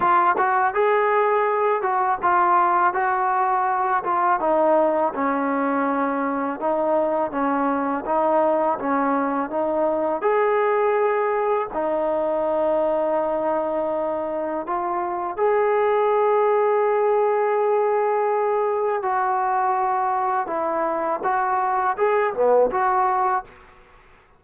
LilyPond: \new Staff \with { instrumentName = "trombone" } { \time 4/4 \tempo 4 = 82 f'8 fis'8 gis'4. fis'8 f'4 | fis'4. f'8 dis'4 cis'4~ | cis'4 dis'4 cis'4 dis'4 | cis'4 dis'4 gis'2 |
dis'1 | f'4 gis'2.~ | gis'2 fis'2 | e'4 fis'4 gis'8 b8 fis'4 | }